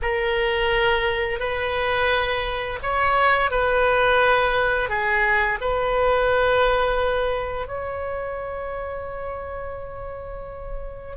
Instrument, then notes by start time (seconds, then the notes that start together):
oboe
0.02 A#4
1.40 B4
2.82 C#5
3.50 B4
4.89 G#4
5.60 B4
7.67 C#5